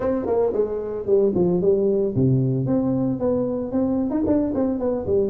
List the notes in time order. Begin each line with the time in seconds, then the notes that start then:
0.00 C4
0.25 A#3
0.53 G#3
1.06 G3
1.34 F3
1.61 G3
2.15 C3
2.66 C4
3.19 B3
3.71 C4
4.10 D#4
4.26 D4
4.54 C4
4.79 B3
5.06 G3